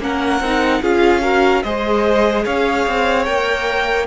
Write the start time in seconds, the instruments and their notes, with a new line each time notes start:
0.00 cello A#3, viola C#4, violin A#4 F#5
0.41 cello C4, viola D#4
0.82 cello C#4, viola F4, violin G#4 F5
1.22 viola F#4, violin A#4
1.63 cello G#3, viola G#4, violin C5 D#5
2.45 cello C#4, violin C#5 F5
2.87 cello C4
3.25 cello A#3, viola A#4, violin G5